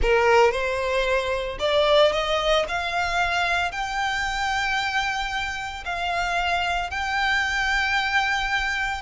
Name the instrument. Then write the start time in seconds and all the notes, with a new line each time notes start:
violin
0.01 A#4
0.51 C5
1.59 D5
2.12 D#5
2.68 F5
3.71 G5
5.85 F5
6.90 G5